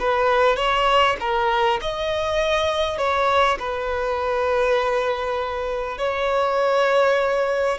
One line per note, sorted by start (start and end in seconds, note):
0.00 0.57 B4
0.57 1.17 C#5
1.21 1.81 A#4
1.82 2.98 D#5
2.98 3.58 C#5
3.60 5.99 B4
5.99 7.79 C#5